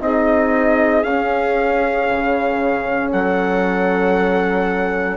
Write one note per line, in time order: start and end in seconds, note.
0.00 1.03 C4
0.00 1.04 D#4
0.00 3.11 G#4
0.00 1.03 D#5
1.03 2.07 C#4
1.03 5.16 C#4
1.03 3.10 F5
2.10 3.12 C#3
3.11 5.16 F#3
3.11 5.16 A4
3.11 5.16 F#5